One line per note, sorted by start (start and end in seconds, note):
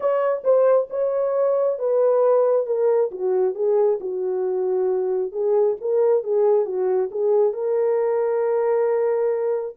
0.00 0.42 C#5
0.44 0.88 C5
0.89 1.78 C#5
1.78 2.66 B4
2.66 3.10 A#4
3.11 3.55 F#4
3.55 3.99 G#4
4.00 5.32 F#4
5.32 5.76 G#4
5.80 6.23 A#4
6.23 6.65 G#4
6.65 7.09 F#4
7.11 7.53 G#4
7.53 9.75 A#4